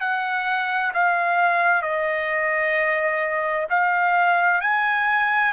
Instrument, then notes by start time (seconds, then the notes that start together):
trumpet
0.00 F#5
0.94 F5
1.82 D#5
3.70 F5
4.61 G#5